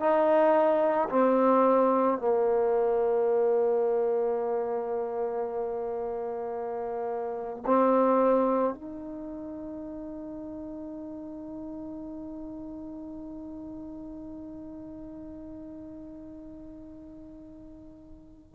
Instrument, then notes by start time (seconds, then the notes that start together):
trombone
0.00 D#4
1.10 C4
2.19 A#3
7.66 C4
8.75 D#4